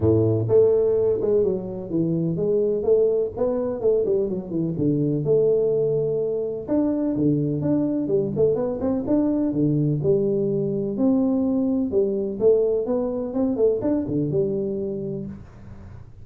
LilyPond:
\new Staff \with { instrumentName = "tuba" } { \time 4/4 \tempo 4 = 126 a,4 a4. gis8 fis4 | e4 gis4 a4 b4 | a8 g8 fis8 e8 d4 a4~ | a2 d'4 d4 |
d'4 g8 a8 b8 c'8 d'4 | d4 g2 c'4~ | c'4 g4 a4 b4 | c'8 a8 d'8 d8 g2 | }